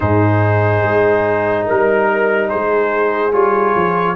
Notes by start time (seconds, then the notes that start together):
0.00 G#2 D#4 G#4 C5
0.82 G#3
1.66 G3 A#4
2.49 G#3 G#4 C5
3.32 G3 F4 C#5
3.75 F3